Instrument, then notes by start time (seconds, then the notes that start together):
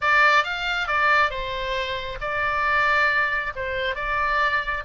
oboe
0.01 D5
0.44 F5
0.87 D5
1.30 C5
2.21 D5
3.55 C5
3.95 D5